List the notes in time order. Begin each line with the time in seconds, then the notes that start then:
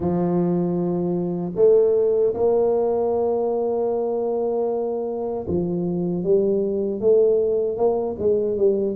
0.00 F3
1.55 A3
2.34 A#3
5.47 F3
6.23 G3
7.00 A3
7.77 A#3
8.18 G#3
8.57 G3